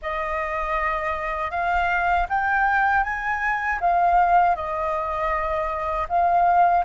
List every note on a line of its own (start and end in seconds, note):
0.02 1.51 D#5
1.51 2.26 F5
2.29 3.03 G5
3.03 3.79 G#5
3.80 4.55 F5
4.55 6.07 D#5
6.08 6.84 F5